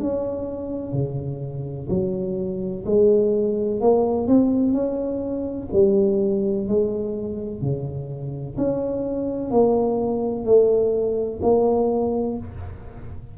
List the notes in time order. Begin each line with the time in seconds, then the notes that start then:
0.00 C#4
0.93 C#3
1.90 F#3
2.86 G#3
3.81 A#3
4.28 C4
4.73 C#4
5.73 G3
6.68 G#3
7.61 C#3
8.58 C#4
9.51 A#3
10.45 A3
11.42 A#3